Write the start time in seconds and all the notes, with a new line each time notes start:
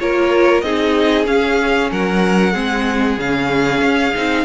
0.00 A#3 F4 A#4 C#5
0.62 C4 D#4 G#4 D#5
1.26 C#4 F5
1.92 F#3 A#4 F#5
2.53 G#3 C4 G#4
3.19 C#3 C#4 F5
3.82 C#4
4.15 C4 D#4